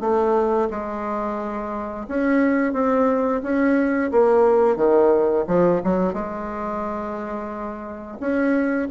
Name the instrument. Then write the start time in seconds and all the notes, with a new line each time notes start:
bassoon
0.00 A3
0.70 G#3
2.08 C#4
2.73 C4
3.42 C#4
4.11 A#3
4.76 D#3
5.47 F3
5.84 F#3
6.13 G#3
8.20 C#4